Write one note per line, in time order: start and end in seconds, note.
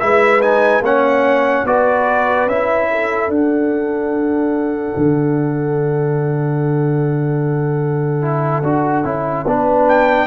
0.00 0.81 G#3
0.00 0.41 E4
0.00 0.84 B4
0.00 0.41 E5
0.42 0.83 D#4
0.42 0.83 G#5
0.81 1.63 A#3
0.81 1.67 C#4
0.81 1.66 C#5
0.81 1.67 F#5
1.64 2.46 B3
1.64 2.49 F#4
1.64 2.89 B4
1.64 2.49 D5
2.46 3.28 C#4
2.46 3.30 E4
2.46 3.30 E5
2.91 9.47 A4
3.29 4.93 D4
3.29 8.22 D4
3.29 9.88 F#5
4.96 8.63 D3
8.22 8.63 E4
8.63 9.04 D4
8.63 9.04 F#4
9.04 9.45 C#4
9.04 9.46 E4
9.45 10.27 B3
9.45 10.27 D4
9.45 10.27 B4
9.88 10.27 G5